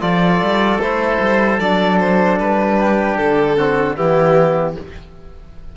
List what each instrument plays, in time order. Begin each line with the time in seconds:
0.00 cello F3, trombone F4, oboe A4, violin D5
0.42 cello G3
0.78 cello A3, trombone E4, violin C5
1.20 cello G3
1.59 cello F#3, trombone D4, violin D5
1.99 violin C5
2.38 cello G3, violin B4
2.79 oboe G4
3.17 cello D3, violin A4
3.57 trombone C4, oboe F#4
3.95 cello E3, trombone B3, oboe E4, violin G4